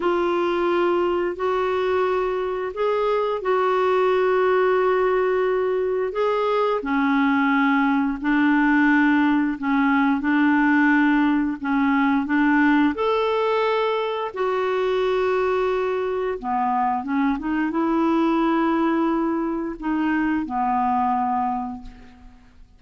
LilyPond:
\new Staff \with { instrumentName = "clarinet" } { \time 4/4 \tempo 4 = 88 f'2 fis'2 | gis'4 fis'2.~ | fis'4 gis'4 cis'2 | d'2 cis'4 d'4~ |
d'4 cis'4 d'4 a'4~ | a'4 fis'2. | b4 cis'8 dis'8 e'2~ | e'4 dis'4 b2 | }